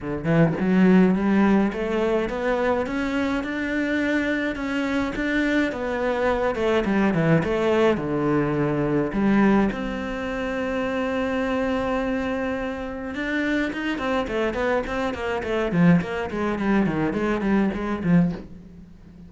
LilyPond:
\new Staff \with { instrumentName = "cello" } { \time 4/4 \tempo 4 = 105 d8 e8 fis4 g4 a4 | b4 cis'4 d'2 | cis'4 d'4 b4. a8 | g8 e8 a4 d2 |
g4 c'2.~ | c'2. d'4 | dis'8 c'8 a8 b8 c'8 ais8 a8 f8 | ais8 gis8 g8 dis8 gis8 g8 gis8 f8 | }